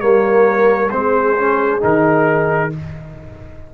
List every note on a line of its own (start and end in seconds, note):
0.00 0.92 G3
0.00 0.90 A#3
0.00 0.93 A#4
0.00 0.90 C#5
0.91 1.82 G#3
0.91 1.36 C4
0.91 2.74 G#4
0.91 1.80 C5
1.37 1.80 C#4
1.80 2.73 D#3
1.80 2.70 D#4
1.80 2.74 A#4